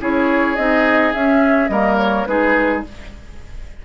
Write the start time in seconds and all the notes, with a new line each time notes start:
0.00 C#4 E4 G#4 C#5
0.56 C4 D#4 D#5
1.13 C#4 E5
1.68 G3 A#3 A#4 D#5
1.97 C#5
2.26 G#3 D#4 G#4 B4